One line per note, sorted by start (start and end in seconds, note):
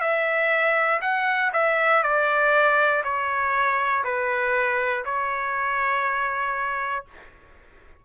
0.00 1.00 E5
1.01 1.51 F#5
1.53 2.03 E5
2.03 3.03 D5
3.04 4.04 C#5
4.04 5.04 B4
5.05 7.05 C#5